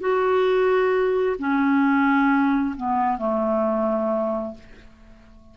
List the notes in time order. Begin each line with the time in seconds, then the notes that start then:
0.00 F#4
1.39 C#4
2.76 B3
3.18 A3